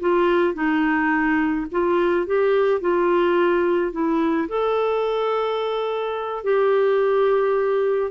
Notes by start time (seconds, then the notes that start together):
0.00 F4
0.54 D#4
1.72 F4
2.26 G4
2.81 F4
3.92 E4
4.48 A4
6.43 G4